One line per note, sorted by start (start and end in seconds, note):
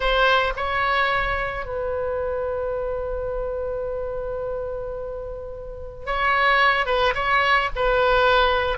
0.00 0.53 C5
0.56 1.65 C#5
1.65 6.06 B4
6.06 6.86 C#5
6.86 7.13 B4
7.14 7.69 C#5
7.75 8.78 B4